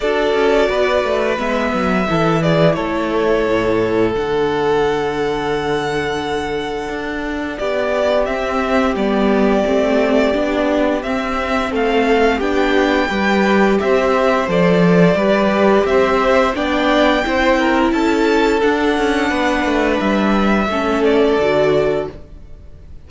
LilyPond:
<<
  \new Staff \with { instrumentName = "violin" } { \time 4/4 \tempo 4 = 87 d''2 e''4. d''8 | cis''2 fis''2~ | fis''2. d''4 | e''4 d''2. |
e''4 f''4 g''2 | e''4 d''2 e''4 | g''2 a''4 fis''4~ | fis''4 e''4. d''4. | }
  \new Staff \with { instrumentName = "violin" } { \time 4/4 a'4 b'2 a'8 gis'8 | a'1~ | a'2. g'4~ | g'1~ |
g'4 a'4 g'4 b'4 | c''2 b'4 c''4 | d''4 c''8 ais'8 a'2 | b'2 a'2 | }
  \new Staff \with { instrumentName = "viola" } { \time 4/4 fis'2 b4 e'4~ | e'2 d'2~ | d'1 | c'4 b4 c'4 d'4 |
c'2 d'4 g'4~ | g'4 a'4 g'2 | d'4 e'2 d'4~ | d'2 cis'4 fis'4 | }
  \new Staff \with { instrumentName = "cello" } { \time 4/4 d'8 cis'8 b8 a8 gis8 fis8 e4 | a4 a,4 d2~ | d2 d'4 b4 | c'4 g4 a4 b4 |
c'4 a4 b4 g4 | c'4 f4 g4 c'4 | b4 c'4 cis'4 d'8 cis'8 | b8 a8 g4 a4 d4 | }
>>